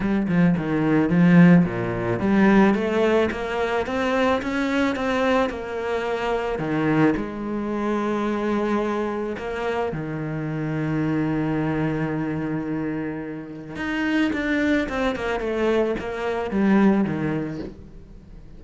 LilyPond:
\new Staff \with { instrumentName = "cello" } { \time 4/4 \tempo 4 = 109 g8 f8 dis4 f4 ais,4 | g4 a4 ais4 c'4 | cis'4 c'4 ais2 | dis4 gis2.~ |
gis4 ais4 dis2~ | dis1~ | dis4 dis'4 d'4 c'8 ais8 | a4 ais4 g4 dis4 | }